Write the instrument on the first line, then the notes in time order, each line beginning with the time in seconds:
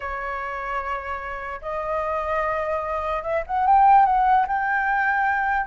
flute
0.00 C#5
1.61 D#5
3.22 E5
3.46 F#5
3.66 G5
4.05 F#5
4.47 G5